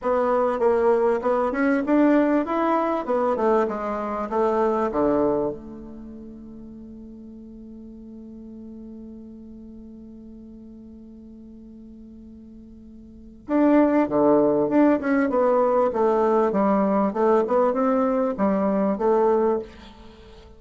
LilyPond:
\new Staff \with { instrumentName = "bassoon" } { \time 4/4 \tempo 4 = 98 b4 ais4 b8 cis'8 d'4 | e'4 b8 a8 gis4 a4 | d4 a2.~ | a1~ |
a1~ | a2 d'4 d4 | d'8 cis'8 b4 a4 g4 | a8 b8 c'4 g4 a4 | }